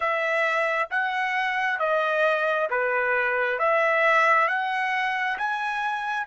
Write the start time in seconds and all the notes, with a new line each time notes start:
0.00 E5
0.90 F#5
1.79 D#5
2.70 B4
3.58 E5
4.48 F#5
5.38 G#5